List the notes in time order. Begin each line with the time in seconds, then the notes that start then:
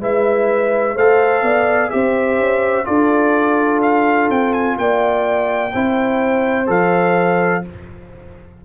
0.00 G#3 E4 B4 E5
0.95 A3 A4 C5 F5
1.43 B3 D5
1.90 C4 G4 C5 E5
2.39 C#4
2.85 D4 F4 A4 D5
3.83 F5
4.30 C4 G5
4.53 G#5
4.78 A#3 D5 G5
5.74 C4 E4 C5
6.67 F3 A4 F5